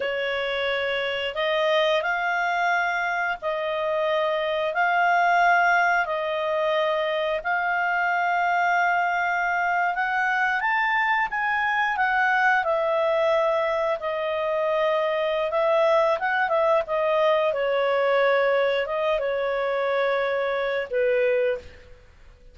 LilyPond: \new Staff \with { instrumentName = "clarinet" } { \time 4/4 \tempo 4 = 89 cis''2 dis''4 f''4~ | f''4 dis''2 f''4~ | f''4 dis''2 f''4~ | f''2~ f''8. fis''4 a''16~ |
a''8. gis''4 fis''4 e''4~ e''16~ | e''8. dis''2~ dis''16 e''4 | fis''8 e''8 dis''4 cis''2 | dis''8 cis''2~ cis''8 b'4 | }